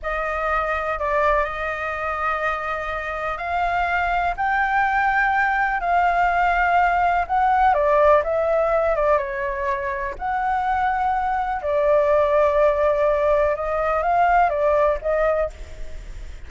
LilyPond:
\new Staff \with { instrumentName = "flute" } { \time 4/4 \tempo 4 = 124 dis''2 d''4 dis''4~ | dis''2. f''4~ | f''4 g''2. | f''2. fis''4 |
d''4 e''4. d''8 cis''4~ | cis''4 fis''2. | d''1 | dis''4 f''4 d''4 dis''4 | }